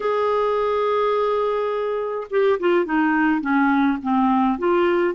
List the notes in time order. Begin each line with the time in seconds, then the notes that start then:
0.00 G#4
2.30 G4
2.59 F4
2.85 D#4
3.41 C#4
4.02 C4
4.58 F4